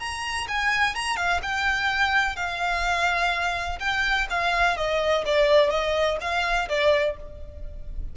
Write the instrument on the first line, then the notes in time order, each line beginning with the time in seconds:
violin
0.00 A#5
0.48 G#5
0.95 A#5
1.17 F5
1.43 G5
2.36 F5
3.80 G5
4.31 F5
4.77 D#5
5.26 D5
5.71 D#5
6.21 F5
6.69 D5